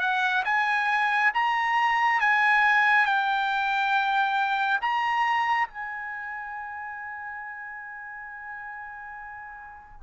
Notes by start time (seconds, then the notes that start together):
0.00 F#5
0.45 G#5
1.34 A#5
2.20 G#5
3.06 G5
4.81 A#5
5.68 G#5